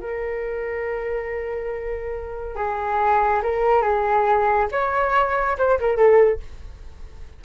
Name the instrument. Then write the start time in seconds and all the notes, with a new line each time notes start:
flute
0.00 A#4
2.56 G#4
3.43 A#4
3.82 G#4
4.72 C#5
5.58 C5
5.80 A#4
5.97 A4